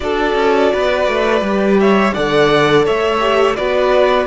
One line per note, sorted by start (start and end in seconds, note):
0.00 0.35 D4
0.00 1.43 F#4
0.00 0.72 A4
0.00 1.78 D5
0.35 0.71 C#4
0.72 1.08 B3
0.72 1.79 B4
1.08 1.41 A3
1.41 2.12 G3
1.41 2.15 G4
1.80 2.14 C#5
1.80 2.13 E5
2.13 2.87 D3
2.13 3.19 A4
2.13 2.85 D5
2.13 2.85 F#5
2.85 3.58 A3
2.85 3.56 C#5
2.85 3.55 E5
3.19 3.55 G4
3.55 4.26 B3
3.55 4.26 F#4
3.55 4.26 B4
3.55 4.26 D5